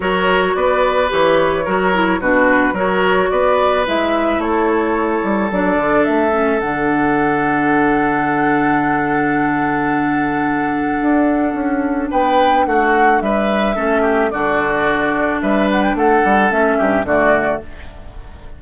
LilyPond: <<
  \new Staff \with { instrumentName = "flute" } { \time 4/4 \tempo 4 = 109 cis''4 d''4 cis''2 | b'4 cis''4 d''4 e''4 | cis''2 d''4 e''4 | fis''1~ |
fis''1~ | fis''2 g''4 fis''4 | e''2 d''2 | e''8 fis''16 g''16 fis''4 e''4 d''4 | }
  \new Staff \with { instrumentName = "oboe" } { \time 4/4 ais'4 b'2 ais'4 | fis'4 ais'4 b'2 | a'1~ | a'1~ |
a'1~ | a'2 b'4 fis'4 | b'4 a'8 g'8 fis'2 | b'4 a'4. g'8 fis'4 | }
  \new Staff \with { instrumentName = "clarinet" } { \time 4/4 fis'2 g'4 fis'8 e'8 | d'4 fis'2 e'4~ | e'2 d'4. cis'8 | d'1~ |
d'1~ | d'1~ | d'4 cis'4 d'2~ | d'2 cis'4 a4 | }
  \new Staff \with { instrumentName = "bassoon" } { \time 4/4 fis4 b4 e4 fis4 | b,4 fis4 b4 gis4 | a4. g8 fis8 d8 a4 | d1~ |
d1 | d'4 cis'4 b4 a4 | g4 a4 d2 | g4 a8 g8 a8 g,8 d4 | }
>>